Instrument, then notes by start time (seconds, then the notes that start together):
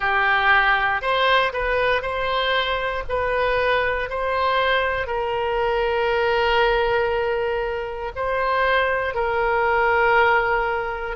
oboe
0.00 G4
1.01 C5
1.53 B4
2.02 C5
3.08 B4
4.09 C5
5.07 A#4
8.15 C5
9.14 A#4